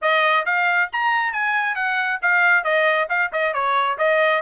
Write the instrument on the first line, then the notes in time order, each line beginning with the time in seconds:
trumpet
0.01 D#5
0.45 F5
0.92 A#5
1.32 G#5
1.75 F#5
2.22 F5
2.64 D#5
3.09 F5
3.32 D#5
3.53 C#5
3.97 D#5